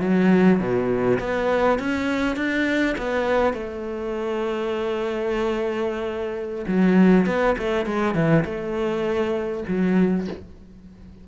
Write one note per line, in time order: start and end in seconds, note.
0.00 0.59 F#3
0.59 1.19 B2
1.19 1.79 B3
1.79 2.36 C#4
2.36 2.95 D4
2.98 3.53 B3
3.53 6.65 A3
6.67 7.26 F#3
7.26 7.56 B3
7.58 7.86 A3
7.86 8.14 G#3
8.14 8.44 E3
8.45 9.64 A3
9.68 10.27 F#3